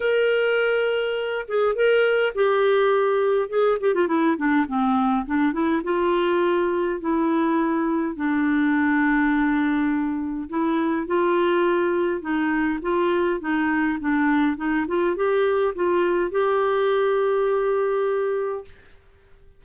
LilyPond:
\new Staff \with { instrumentName = "clarinet" } { \time 4/4 \tempo 4 = 103 ais'2~ ais'8 gis'8 ais'4 | g'2 gis'8 g'16 f'16 e'8 d'8 | c'4 d'8 e'8 f'2 | e'2 d'2~ |
d'2 e'4 f'4~ | f'4 dis'4 f'4 dis'4 | d'4 dis'8 f'8 g'4 f'4 | g'1 | }